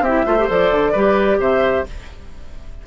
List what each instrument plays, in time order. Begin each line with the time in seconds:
0.00 bassoon C4, oboe G4, flute E5
0.06 clarinet E4
0.25 bassoon A3, clarinet F4, oboe C5
0.39 clarinet G4
0.47 bassoon F3, clarinet A4, flute D5
0.71 bassoon D3
0.91 bassoon G3, clarinet G4, oboe B4
1.38 bassoon C3, oboe C5, flute E5